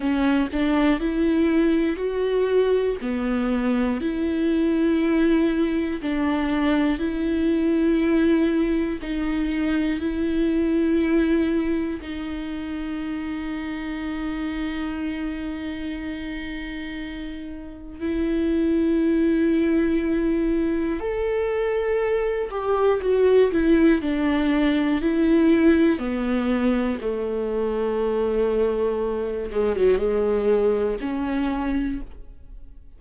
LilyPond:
\new Staff \with { instrumentName = "viola" } { \time 4/4 \tempo 4 = 60 cis'8 d'8 e'4 fis'4 b4 | e'2 d'4 e'4~ | e'4 dis'4 e'2 | dis'1~ |
dis'2 e'2~ | e'4 a'4. g'8 fis'8 e'8 | d'4 e'4 b4 a4~ | a4. gis16 fis16 gis4 cis'4 | }